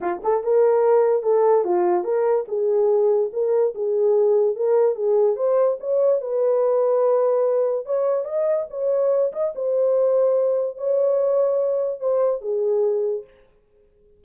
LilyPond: \new Staff \with { instrumentName = "horn" } { \time 4/4 \tempo 4 = 145 f'8 a'8 ais'2 a'4 | f'4 ais'4 gis'2 | ais'4 gis'2 ais'4 | gis'4 c''4 cis''4 b'4~ |
b'2. cis''4 | dis''4 cis''4. dis''8 c''4~ | c''2 cis''2~ | cis''4 c''4 gis'2 | }